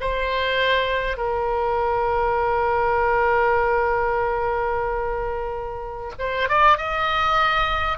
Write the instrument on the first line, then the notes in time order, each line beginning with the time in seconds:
oboe
0.00 C5
1.17 A#4
6.19 C5
6.49 D5
6.77 D#5